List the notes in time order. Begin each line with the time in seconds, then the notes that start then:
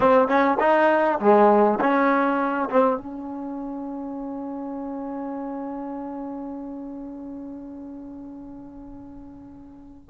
0.00 C4
0.28 C#4
0.59 D#4
1.19 G#3
1.80 C#4
2.69 C4
2.97 C#4